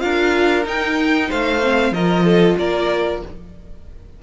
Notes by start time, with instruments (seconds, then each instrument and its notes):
0.00 cello D4, viola F4, violin A#4 F5
0.66 viola D#4, cello D#4, violin G5
1.29 cello A3, violin C5 F5
1.63 viola C4
1.92 cello F3, viola F4, violin A#4 D#5
2.25 violin A4
2.59 cello A#3, violin A#4 D5